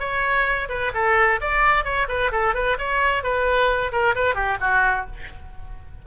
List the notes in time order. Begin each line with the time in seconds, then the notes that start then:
0.00 C#5
0.69 B4
0.94 A4
1.41 D5
1.85 C#5
2.09 B4
2.32 A4
2.54 B4
2.79 C#5
3.23 B4
3.92 A#4
4.16 B4
4.35 G4
4.61 F#4